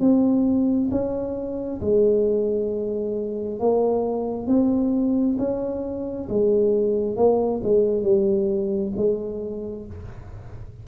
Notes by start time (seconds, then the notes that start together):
0.00 C4
0.92 C#4
1.82 G#3
3.60 A#3
4.47 C4
5.39 C#4
6.29 G#3
7.16 A#3
7.64 G#3
8.04 G3
8.97 G#3